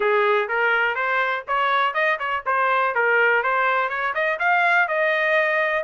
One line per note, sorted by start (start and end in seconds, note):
0.00 0.48 G#4
0.48 0.95 A#4
0.95 1.43 C5
1.47 1.94 C#5
1.94 2.18 D#5
2.19 2.43 C#5
2.46 2.94 C5
2.94 3.43 A#4
3.43 3.89 C5
3.89 4.13 C#5
4.14 4.39 D#5
4.39 4.88 F5
4.88 5.83 D#5